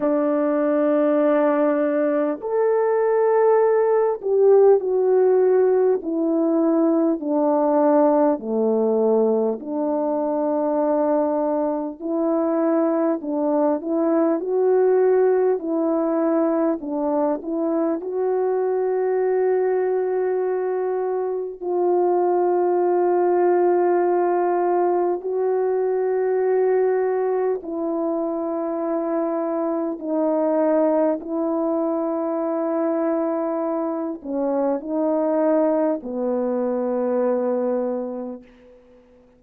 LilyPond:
\new Staff \with { instrumentName = "horn" } { \time 4/4 \tempo 4 = 50 d'2 a'4. g'8 | fis'4 e'4 d'4 a4 | d'2 e'4 d'8 e'8 | fis'4 e'4 d'8 e'8 fis'4~ |
fis'2 f'2~ | f'4 fis'2 e'4~ | e'4 dis'4 e'2~ | e'8 cis'8 dis'4 b2 | }